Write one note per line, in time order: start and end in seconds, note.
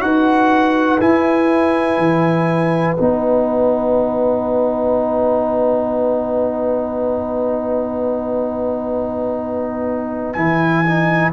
0.00 0.99 D#4
0.00 0.98 F#4
0.00 11.32 B4
0.00 0.99 F#5
1.00 1.97 E4
1.00 2.97 E4
1.00 2.94 G#5
1.97 2.95 E3
2.94 10.36 B3
2.94 10.36 D#4
2.94 10.32 F#5
10.33 11.32 E3
10.33 10.85 E4
10.33 11.31 G#5
10.86 11.32 D#4